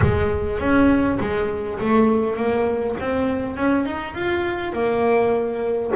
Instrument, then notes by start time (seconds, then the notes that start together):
double bass
0.01 G#3
0.59 C#4
1.20 G#3
1.79 A3
2.36 A#3
3.00 C4
3.56 C#4
3.85 D#4
4.14 F4
4.73 A#3